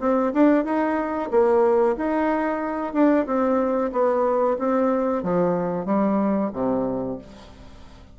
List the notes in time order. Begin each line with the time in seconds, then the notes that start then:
0.00 C4
0.34 D4
0.65 D#4
1.31 A#3
1.97 D#4
2.93 D4
3.26 C4
3.92 B3
4.59 C4
5.23 F3
5.86 G3
6.53 C3